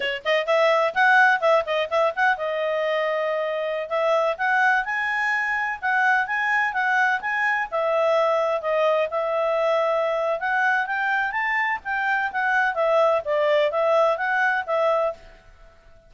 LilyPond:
\new Staff \with { instrumentName = "clarinet" } { \time 4/4 \tempo 4 = 127 cis''8 dis''8 e''4 fis''4 e''8 dis''8 | e''8 fis''8 dis''2.~ | dis''16 e''4 fis''4 gis''4.~ gis''16~ | gis''16 fis''4 gis''4 fis''4 gis''8.~ |
gis''16 e''2 dis''4 e''8.~ | e''2 fis''4 g''4 | a''4 g''4 fis''4 e''4 | d''4 e''4 fis''4 e''4 | }